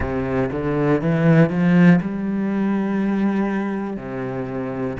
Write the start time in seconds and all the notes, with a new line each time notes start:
0.00 C3
0.51 D3
1.01 E3
1.50 F3
2.01 G3
3.96 C3